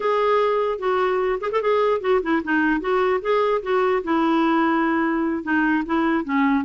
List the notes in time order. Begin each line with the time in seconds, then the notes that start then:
0.00 G#4
0.79 F#4
1.40 G#4
1.51 A4
1.61 G#4
2.01 F#4
2.22 E4
2.44 D#4
2.80 F#4
3.21 G#4
3.62 F#4
4.03 E4
5.43 D#4
5.85 E4
6.24 C#4